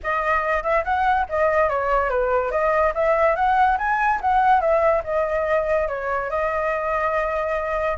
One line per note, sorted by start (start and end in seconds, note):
0.03 0.63 D#5
0.63 0.84 E5
0.84 1.26 F#5
1.29 1.69 D#5
1.69 2.09 C#5
2.09 2.51 B4
2.51 2.93 D#5
2.94 3.35 E5
3.35 3.77 F#5
3.78 4.20 G#5
4.21 4.60 F#5
4.60 5.02 E5
5.04 5.88 D#5
5.88 6.29 C#5
6.29 7.97 D#5